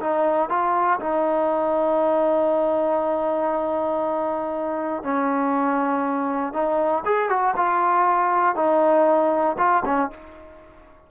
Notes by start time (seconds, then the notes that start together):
0.00 D#4
0.49 F4
1.00 D#4
5.03 C#4
6.53 D#4
7.05 G#4
7.29 F#4
7.57 F4
8.56 D#4
9.58 F4
9.85 C#4